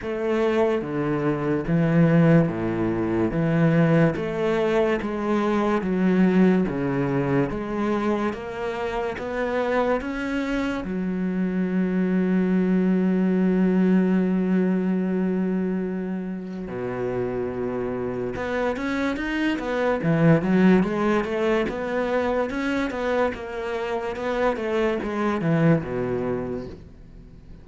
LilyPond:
\new Staff \with { instrumentName = "cello" } { \time 4/4 \tempo 4 = 72 a4 d4 e4 a,4 | e4 a4 gis4 fis4 | cis4 gis4 ais4 b4 | cis'4 fis2.~ |
fis1 | b,2 b8 cis'8 dis'8 b8 | e8 fis8 gis8 a8 b4 cis'8 b8 | ais4 b8 a8 gis8 e8 b,4 | }